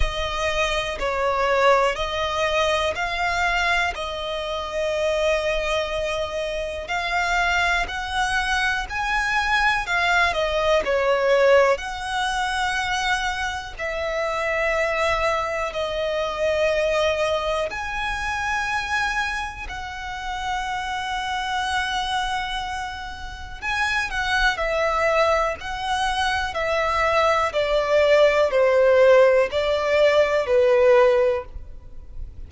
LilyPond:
\new Staff \with { instrumentName = "violin" } { \time 4/4 \tempo 4 = 61 dis''4 cis''4 dis''4 f''4 | dis''2. f''4 | fis''4 gis''4 f''8 dis''8 cis''4 | fis''2 e''2 |
dis''2 gis''2 | fis''1 | gis''8 fis''8 e''4 fis''4 e''4 | d''4 c''4 d''4 b'4 | }